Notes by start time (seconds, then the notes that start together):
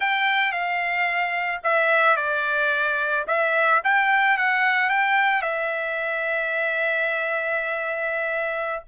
0.00 G5
0.52 F5
1.63 E5
2.16 D5
3.27 E5
3.84 G5
4.37 F#5
4.89 G5
5.41 E5